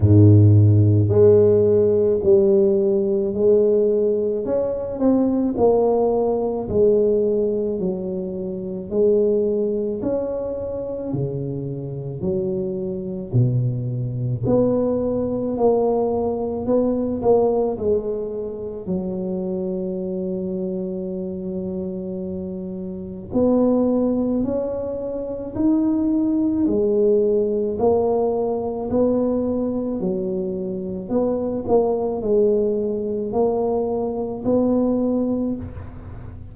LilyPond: \new Staff \with { instrumentName = "tuba" } { \time 4/4 \tempo 4 = 54 gis,4 gis4 g4 gis4 | cis'8 c'8 ais4 gis4 fis4 | gis4 cis'4 cis4 fis4 | b,4 b4 ais4 b8 ais8 |
gis4 fis2.~ | fis4 b4 cis'4 dis'4 | gis4 ais4 b4 fis4 | b8 ais8 gis4 ais4 b4 | }